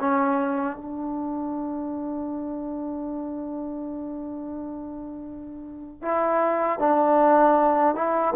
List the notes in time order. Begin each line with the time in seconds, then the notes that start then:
0.00 C#4
0.77 D4
6.02 E4
6.79 D4
7.95 E4